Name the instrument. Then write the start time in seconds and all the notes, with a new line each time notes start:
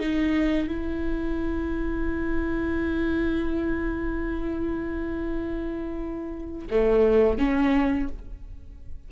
viola
0.00 D#4
0.68 E4
6.70 A3
7.38 C#4